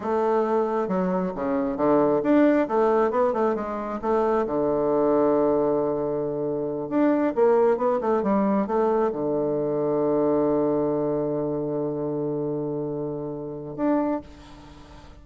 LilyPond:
\new Staff \with { instrumentName = "bassoon" } { \time 4/4 \tempo 4 = 135 a2 fis4 cis4 | d4 d'4 a4 b8 a8 | gis4 a4 d2~ | d2.~ d8 d'8~ |
d'8 ais4 b8 a8 g4 a8~ | a8 d2.~ d8~ | d1~ | d2. d'4 | }